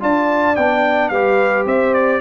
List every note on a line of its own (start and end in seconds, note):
0.00 0.56 D4
0.00 0.55 F4
0.00 1.11 D5
0.00 0.55 A5
0.55 1.10 B3
0.55 1.14 D4
0.55 1.08 G5
1.08 1.65 G3
1.08 2.20 G4
1.08 1.65 B4
1.08 1.63 F5
1.65 2.20 C4
1.65 2.20 C5
1.65 1.94 E5
1.94 2.20 D5